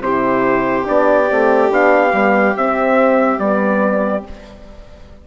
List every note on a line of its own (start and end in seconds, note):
0.00 0.85 C3
0.00 0.85 E4
0.00 4.27 G4
0.00 0.87 C5
0.85 1.30 B3
0.85 1.27 D4
0.85 1.73 D5
1.29 1.71 A3
1.29 1.70 C4
1.70 2.13 B3
1.70 2.12 D4
1.70 2.57 F5
2.13 2.55 G3
2.13 2.56 B3
2.57 3.39 C4
2.57 3.40 C4
2.57 3.39 E5
3.39 4.23 G3
3.39 4.24 B3
3.39 4.24 D5